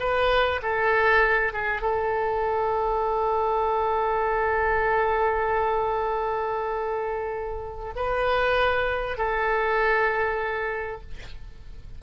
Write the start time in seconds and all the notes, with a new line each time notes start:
0.00 B4
0.63 A4
1.53 G#4
1.82 A4
7.96 B4
9.18 A4